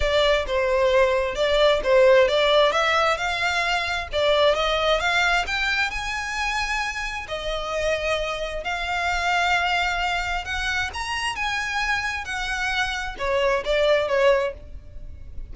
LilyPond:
\new Staff \with { instrumentName = "violin" } { \time 4/4 \tempo 4 = 132 d''4 c''2 d''4 | c''4 d''4 e''4 f''4~ | f''4 d''4 dis''4 f''4 | g''4 gis''2. |
dis''2. f''4~ | f''2. fis''4 | ais''4 gis''2 fis''4~ | fis''4 cis''4 d''4 cis''4 | }